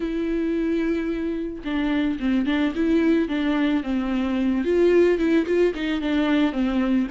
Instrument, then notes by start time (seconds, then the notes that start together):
viola
0.00 E4
1.64 D4
2.19 C4
2.46 D4
2.74 E4
3.28 D4
3.83 C4
4.64 F4
5.18 E4
5.46 F4
5.74 D#4
6.01 D4
6.52 C4